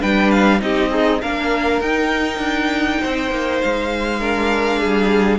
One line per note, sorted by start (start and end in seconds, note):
0.00 0.61 G3
0.00 0.60 D4
0.00 0.60 B4
0.00 0.31 G5
0.31 0.61 F5
0.60 1.22 C4
0.60 0.90 D#4
0.60 0.91 G4
0.60 1.22 D#5
0.90 1.21 D#4
0.90 1.20 G#4
1.21 1.81 A#3
1.21 1.83 D4
1.21 3.00 A#4
1.21 1.81 F5
1.81 2.39 D#4
1.81 4.20 D#4
1.81 3.61 G5
2.39 2.99 D4
3.00 3.31 C4
3.00 4.19 C5
3.31 3.61 A#3
3.61 4.84 G#3
3.61 5.39 F5
4.19 5.39 D4
4.19 4.79 A#4
4.79 5.39 G3
4.79 5.39 G#4